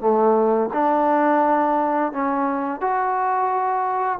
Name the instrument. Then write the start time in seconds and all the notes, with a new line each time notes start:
trombone
0.00 A3
0.73 D4
2.12 C#4
2.81 F#4